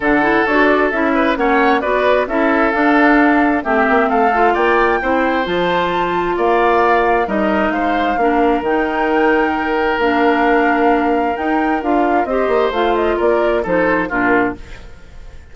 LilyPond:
<<
  \new Staff \with { instrumentName = "flute" } { \time 4/4 \tempo 4 = 132 fis''4 cis''8 d''8 e''4 fis''4 | d''4 e''4 f''2 | e''4 f''4 g''2 | a''2 f''2 |
dis''4 f''2 g''4~ | g''2 f''2~ | f''4 g''4 f''4 dis''4 | f''8 dis''8 d''4 c''4 ais'4 | }
  \new Staff \with { instrumentName = "oboe" } { \time 4/4 a'2~ a'8 b'8 cis''4 | b'4 a'2. | g'4 a'4 d''4 c''4~ | c''2 d''2 |
ais'4 c''4 ais'2~ | ais'1~ | ais'2. c''4~ | c''4 ais'4 a'4 f'4 | }
  \new Staff \with { instrumentName = "clarinet" } { \time 4/4 d'8 e'8 fis'4 e'4 cis'4 | fis'4 e'4 d'2 | c'4. f'4. e'4 | f'1 |
dis'2 d'4 dis'4~ | dis'2 d'2~ | d'4 dis'4 f'4 g'4 | f'2 dis'4 d'4 | }
  \new Staff \with { instrumentName = "bassoon" } { \time 4/4 d4 d'4 cis'4 ais4 | b4 cis'4 d'2 | a8 ais8 a4 ais4 c'4 | f2 ais2 |
g4 gis4 ais4 dis4~ | dis2 ais2~ | ais4 dis'4 d'4 c'8 ais8 | a4 ais4 f4 ais,4 | }
>>